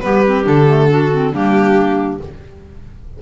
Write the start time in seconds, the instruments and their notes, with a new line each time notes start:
0.00 double bass G3, clarinet B3 G4, violin B4
0.25 clarinet C4
0.43 double bass D3, clarinet D4, violin A4
0.67 clarinet A3
0.88 clarinet D4 F#4
1.11 clarinet C4
1.31 double bass G3, clarinet A#3 D4, violin G4